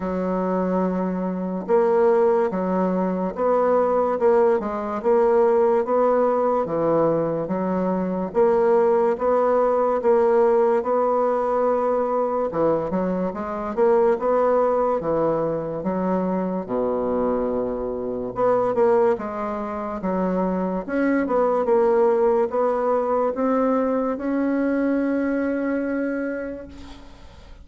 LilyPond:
\new Staff \with { instrumentName = "bassoon" } { \time 4/4 \tempo 4 = 72 fis2 ais4 fis4 | b4 ais8 gis8 ais4 b4 | e4 fis4 ais4 b4 | ais4 b2 e8 fis8 |
gis8 ais8 b4 e4 fis4 | b,2 b8 ais8 gis4 | fis4 cis'8 b8 ais4 b4 | c'4 cis'2. | }